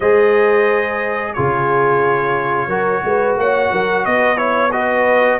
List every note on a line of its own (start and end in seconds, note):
0.00 1.34 G#3
0.00 1.36 G#4
0.00 1.34 C5
0.00 1.33 D#5
1.33 2.67 C#3
1.33 2.69 F4
1.33 2.68 G#4
1.33 3.35 C#5
2.67 3.01 F#3
2.67 4.36 F#4
2.67 3.01 A#4
3.03 3.36 G#3
3.03 3.40 B4
3.36 3.70 A#3
3.36 3.71 C#5
3.36 4.05 F#5
3.71 4.06 F#3
3.71 4.05 A#4
4.05 5.39 B3
4.05 4.38 B4
4.05 4.37 D#5
4.36 4.70 E4
4.36 4.71 C#5
4.36 4.72 C#5
4.71 5.39 F#4
4.71 5.39 B4
4.71 5.39 D#5